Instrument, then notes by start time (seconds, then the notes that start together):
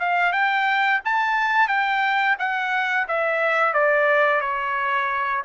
trumpet
0.00 F5
0.33 G5
1.05 A5
1.69 G5
2.39 F#5
3.08 E5
3.74 D5
4.41 C#5